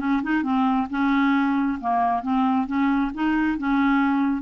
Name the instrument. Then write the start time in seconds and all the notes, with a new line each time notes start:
clarinet
0.00 C#4
0.23 D#4
0.43 C4
0.90 C#4
1.81 A#3
2.23 C4
2.67 C#4
3.14 D#4
3.58 C#4